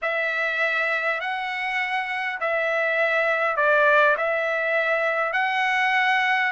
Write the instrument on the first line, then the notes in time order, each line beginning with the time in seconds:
trumpet
0.02 E5
1.20 F#5
2.40 E5
3.56 D5
4.17 E5
5.32 F#5